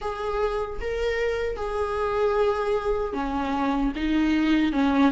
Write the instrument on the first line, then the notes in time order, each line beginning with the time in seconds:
viola
0.01 G#4
0.81 A#4
1.56 G#4
3.13 C#4
3.95 D#4
4.72 C#4